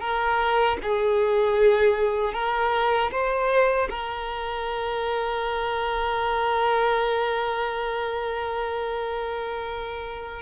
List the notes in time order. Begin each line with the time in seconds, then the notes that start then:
0.00 A#4
0.83 G#4
2.33 A#4
3.11 C5
3.90 A#4